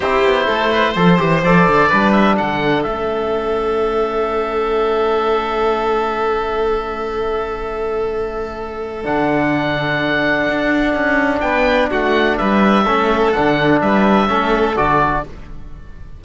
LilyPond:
<<
  \new Staff \with { instrumentName = "oboe" } { \time 4/4 \tempo 4 = 126 c''2. d''4~ | d''8 e''8 fis''4 e''2~ | e''1~ | e''1~ |
e''2. fis''4~ | fis''1 | g''4 fis''4 e''2 | fis''4 e''2 d''4 | }
  \new Staff \with { instrumentName = "violin" } { \time 4/4 g'4 a'8 b'8 c''2 | b'4 a'2.~ | a'1~ | a'1~ |
a'1~ | a'1 | b'4 fis'4 b'4 a'4~ | a'4 b'4 a'2 | }
  \new Staff \with { instrumentName = "trombone" } { \time 4/4 e'2 a'8 g'8 a'4 | d'2 cis'2~ | cis'1~ | cis'1~ |
cis'2. d'4~ | d'1~ | d'2. cis'4 | d'2 cis'4 fis'4 | }
  \new Staff \with { instrumentName = "cello" } { \time 4/4 c'8 b8 a4 f8 e8 f8 d8 | g4 d4 a2~ | a1~ | a1~ |
a2. d4~ | d2 d'4 cis'4 | b4 a4 g4 a4 | d4 g4 a4 d4 | }
>>